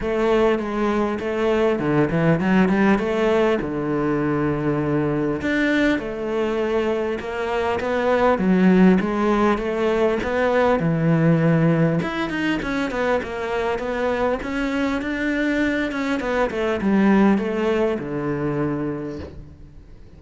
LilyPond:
\new Staff \with { instrumentName = "cello" } { \time 4/4 \tempo 4 = 100 a4 gis4 a4 d8 e8 | fis8 g8 a4 d2~ | d4 d'4 a2 | ais4 b4 fis4 gis4 |
a4 b4 e2 | e'8 dis'8 cis'8 b8 ais4 b4 | cis'4 d'4. cis'8 b8 a8 | g4 a4 d2 | }